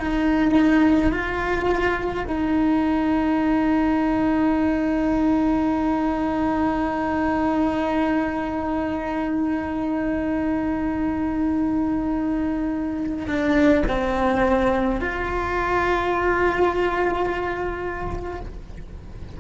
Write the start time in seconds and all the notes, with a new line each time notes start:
0.00 D#4
1.12 F4
2.27 D#4
13.27 D4
13.88 C4
15.01 F4